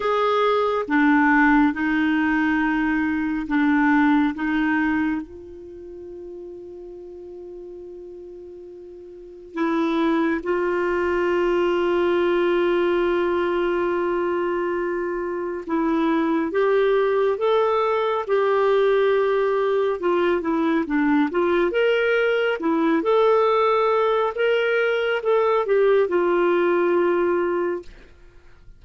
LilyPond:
\new Staff \with { instrumentName = "clarinet" } { \time 4/4 \tempo 4 = 69 gis'4 d'4 dis'2 | d'4 dis'4 f'2~ | f'2. e'4 | f'1~ |
f'2 e'4 g'4 | a'4 g'2 f'8 e'8 | d'8 f'8 ais'4 e'8 a'4. | ais'4 a'8 g'8 f'2 | }